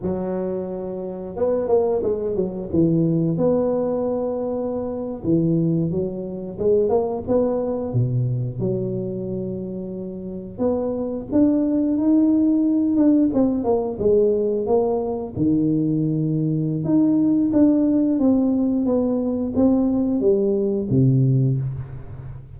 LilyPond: \new Staff \with { instrumentName = "tuba" } { \time 4/4 \tempo 4 = 89 fis2 b8 ais8 gis8 fis8 | e4 b2~ b8. e16~ | e8. fis4 gis8 ais8 b4 b,16~ | b,8. fis2. b16~ |
b8. d'4 dis'4. d'8 c'16~ | c'16 ais8 gis4 ais4 dis4~ dis16~ | dis4 dis'4 d'4 c'4 | b4 c'4 g4 c4 | }